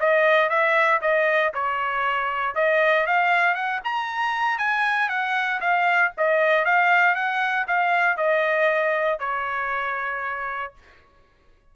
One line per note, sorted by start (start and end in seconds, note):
0.00 0.49 D#5
0.49 1.01 E5
1.01 1.53 D#5
1.54 2.55 C#5
2.55 3.06 D#5
3.06 3.55 F5
3.55 3.80 F#5
3.84 4.58 A#5
4.58 5.09 G#5
5.09 5.60 F#5
5.60 6.12 F5
6.17 6.65 D#5
6.65 7.15 F5
7.15 7.66 F#5
7.67 8.17 F5
8.17 9.19 D#5
9.19 10.73 C#5